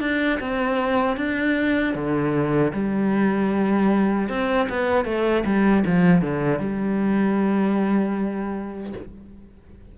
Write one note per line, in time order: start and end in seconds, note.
0.00 0.39 D4
0.40 1.17 C4
1.17 1.94 D4
1.94 2.72 D3
2.73 4.29 G3
4.29 4.68 C4
4.69 5.05 B3
5.05 5.44 A3
5.45 5.84 G3
5.85 6.22 F3
6.22 6.59 D3
6.59 8.93 G3